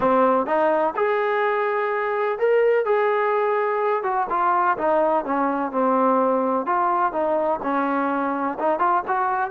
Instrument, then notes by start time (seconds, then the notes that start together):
trombone
0.00 C4
0.46 D#4
0.95 G#4
2.39 A#4
2.85 G#4
4.03 F#4
4.29 F4
4.77 D#4
5.24 C#4
5.71 C4
6.65 F4
7.12 D#4
7.63 C#4
8.58 D#4
8.79 F4
9.07 F#4